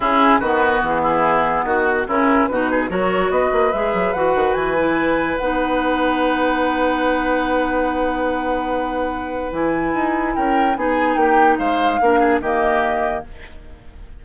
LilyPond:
<<
  \new Staff \with { instrumentName = "flute" } { \time 4/4 \tempo 4 = 145 gis'4 b'4 gis'2 | fis'4 ais'4 b'4 cis''4 | dis''4 e''4 fis''4 gis''4~ | gis''4 fis''2.~ |
fis''1~ | fis''2. gis''4~ | gis''4 g''4 gis''4 g''4 | f''2 dis''2 | }
  \new Staff \with { instrumentName = "oboe" } { \time 4/4 e'4 fis'4. e'4. | fis'4 e'4 fis'8 gis'8 ais'4 | b'1~ | b'1~ |
b'1~ | b'1~ | b'4 ais'4 gis'4 g'4 | c''4 ais'8 gis'8 g'2 | }
  \new Staff \with { instrumentName = "clarinet" } { \time 4/4 cis'4 b2.~ | b4 cis'4 dis'4 fis'4~ | fis'4 gis'4 fis'4. e'8~ | e'4 dis'2.~ |
dis'1~ | dis'2. e'4~ | e'2 dis'2~ | dis'4 d'4 ais2 | }
  \new Staff \with { instrumentName = "bassoon" } { \time 4/4 cis4 dis4 e2 | dis4 cis4 b,4 fis4 | b8 ais8 gis8 fis8 e8 dis8 e4~ | e4 b2.~ |
b1~ | b2. e4 | dis'4 cis'4 b4 ais4 | gis4 ais4 dis2 | }
>>